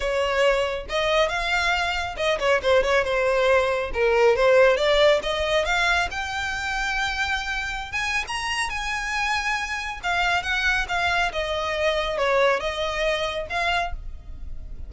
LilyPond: \new Staff \with { instrumentName = "violin" } { \time 4/4 \tempo 4 = 138 cis''2 dis''4 f''4~ | f''4 dis''8 cis''8 c''8 cis''8 c''4~ | c''4 ais'4 c''4 d''4 | dis''4 f''4 g''2~ |
g''2~ g''16 gis''8. ais''4 | gis''2. f''4 | fis''4 f''4 dis''2 | cis''4 dis''2 f''4 | }